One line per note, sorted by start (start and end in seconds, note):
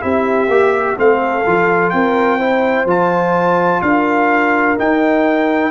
0.00 0.48 C4
0.00 0.48 E4
0.00 0.98 G4
0.00 0.97 E5
0.48 0.96 A#3
0.48 0.97 G4
0.97 1.46 A3
0.97 1.45 C4
0.97 1.94 A4
0.97 1.90 F5
1.46 1.93 F3
1.46 2.39 F4
1.90 2.85 C4
1.90 2.38 A#4
1.90 2.85 G5
2.38 2.87 E4
2.38 3.81 C5
2.85 3.81 F3
2.85 4.78 F4
2.85 3.82 A5
3.82 4.77 D4
3.82 5.71 A#4
3.82 4.77 F5
4.78 5.71 D#4
4.78 5.71 G5